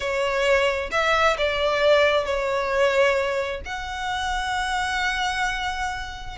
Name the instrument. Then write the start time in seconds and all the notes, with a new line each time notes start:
violin
0.00 C#5
0.91 E5
1.37 D5
2.25 C#5
3.65 F#5